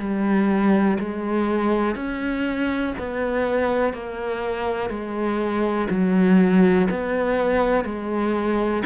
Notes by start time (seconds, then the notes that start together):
0.00 G3
1.00 G#3
1.96 C#4
2.99 B3
3.94 A#3
4.90 G#3
5.90 F#3
6.91 B3
7.85 G#3